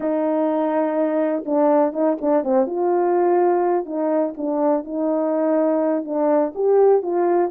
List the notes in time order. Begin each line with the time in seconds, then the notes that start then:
0.00 D#4
1.45 D4
1.92 D#4
2.21 D4
2.43 C4
2.66 F4
3.85 D#4
4.37 D4
4.84 D#4
6.04 D4
6.55 G4
7.02 F4